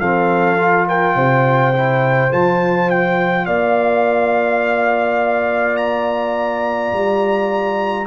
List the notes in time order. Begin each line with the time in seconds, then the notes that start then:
0.00 F3 C4 A4 F5
0.58 F4
0.88 A#4 G5
1.15 C3 C5
1.74 E4
2.31 F3 F4 A5
2.90 G5
3.46 A#3 D5 F5
5.76 A#5
6.93 G3